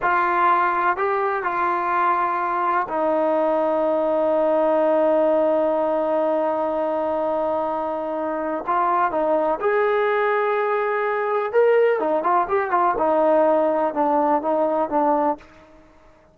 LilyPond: \new Staff \with { instrumentName = "trombone" } { \time 4/4 \tempo 4 = 125 f'2 g'4 f'4~ | f'2 dis'2~ | dis'1~ | dis'1~ |
dis'2 f'4 dis'4 | gis'1 | ais'4 dis'8 f'8 g'8 f'8 dis'4~ | dis'4 d'4 dis'4 d'4 | }